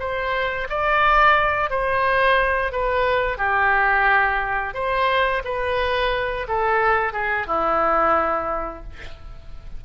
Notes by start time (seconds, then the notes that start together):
0.00 C5
0.69 D5
1.70 C5
2.72 B4
3.38 G4
4.74 C5
5.45 B4
6.48 A4
7.13 G#4
7.47 E4